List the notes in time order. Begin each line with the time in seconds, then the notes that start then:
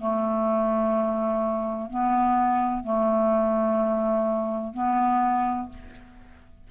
0.00 A3
1.90 B3
2.83 A3
4.74 B3